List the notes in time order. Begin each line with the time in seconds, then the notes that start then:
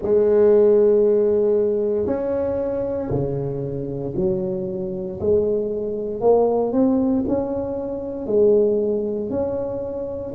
0.02 G#3
2.06 C#4
3.10 C#3
4.16 F#3
5.20 G#3
6.20 A#3
6.72 C4
7.27 C#4
8.26 G#3
9.30 C#4